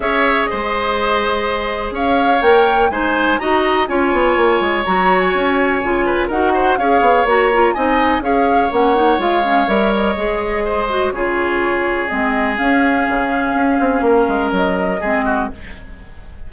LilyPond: <<
  \new Staff \with { instrumentName = "flute" } { \time 4/4 \tempo 4 = 124 e''4 dis''2. | f''4 g''4 gis''4 ais''4 | gis''2 ais''8. gis''4~ gis''16~ | gis''4 fis''4 f''4 ais''4 |
gis''4 f''4 fis''4 f''4 | e''8 dis''2~ dis''8 cis''4~ | cis''4 dis''4 f''2~ | f''2 dis''2 | }
  \new Staff \with { instrumentName = "oboe" } { \time 4/4 cis''4 c''2. | cis''2 c''4 dis''4 | cis''1~ | cis''8 b'8 ais'8 c''8 cis''2 |
dis''4 cis''2.~ | cis''2 c''4 gis'4~ | gis'1~ | gis'4 ais'2 gis'8 fis'8 | }
  \new Staff \with { instrumentName = "clarinet" } { \time 4/4 gis'1~ | gis'4 ais'4 dis'4 fis'4 | f'2 fis'2 | f'4 fis'4 gis'4 fis'8 f'8 |
dis'4 gis'4 cis'8 dis'8 f'8 cis'8 | ais'4 gis'4. fis'8 f'4~ | f'4 c'4 cis'2~ | cis'2. c'4 | }
  \new Staff \with { instrumentName = "bassoon" } { \time 4/4 cis'4 gis2. | cis'4 ais4 gis4 dis'4 | cis'8 b8 ais8 gis8 fis4 cis'4 | cis4 dis'4 cis'8 b8 ais4 |
c'4 cis'4 ais4 gis4 | g4 gis2 cis4~ | cis4 gis4 cis'4 cis4 | cis'8 c'8 ais8 gis8 fis4 gis4 | }
>>